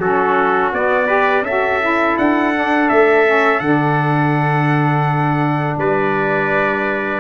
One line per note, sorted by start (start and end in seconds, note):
0.00 0.72 F#3
0.00 0.74 C#4
0.00 1.07 F#4
0.00 0.73 A4
0.73 1.43 B3
0.73 1.08 B3
0.73 1.45 D5
1.07 1.44 G4
1.07 1.43 B4
1.43 2.15 C#4
1.43 1.81 F#4
1.43 5.80 A4
1.43 2.17 E5
1.81 2.53 E4
2.18 2.91 D4
2.18 2.89 F#5
2.55 3.26 D4
2.89 3.61 A3
2.89 3.60 E5
3.26 3.62 C#4
3.60 5.77 D3
3.60 7.20 D4
3.60 5.77 F#5
5.78 7.20 G3
5.78 7.20 B4
5.78 7.20 D5